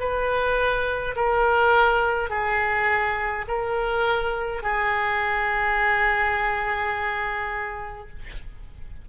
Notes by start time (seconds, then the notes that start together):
0.00 B4
1.15 A#4
2.30 G#4
3.48 A#4
4.63 G#4